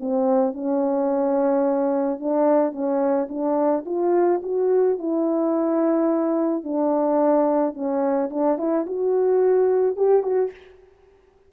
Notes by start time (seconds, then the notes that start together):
0.00 C4
0.53 C#4
2.19 D4
2.72 C#4
3.29 D4
3.85 F4
4.43 F#4
4.98 E4
6.63 D4
7.74 C#4
8.30 D4
8.58 E4
8.86 F#4
9.96 G4
10.23 F#4